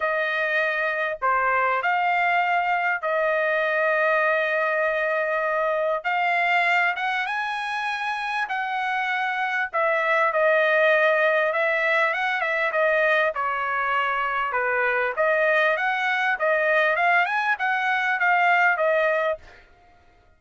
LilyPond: \new Staff \with { instrumentName = "trumpet" } { \time 4/4 \tempo 4 = 99 dis''2 c''4 f''4~ | f''4 dis''2.~ | dis''2 f''4. fis''8 | gis''2 fis''2 |
e''4 dis''2 e''4 | fis''8 e''8 dis''4 cis''2 | b'4 dis''4 fis''4 dis''4 | f''8 gis''8 fis''4 f''4 dis''4 | }